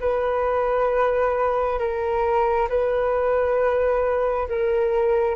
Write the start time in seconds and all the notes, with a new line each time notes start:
0.00 B4
1.79 A#4
2.69 B4
4.48 A#4